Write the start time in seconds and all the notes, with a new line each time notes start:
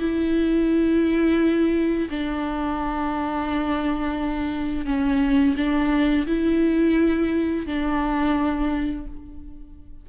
0.00 E4
2.10 D4
4.86 C#4
5.57 D4
6.27 E4
7.67 D4